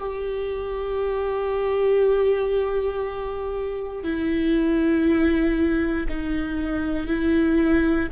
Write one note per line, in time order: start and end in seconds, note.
0.00 4.04 G4
4.04 6.07 E4
6.09 7.08 D#4
7.08 8.09 E4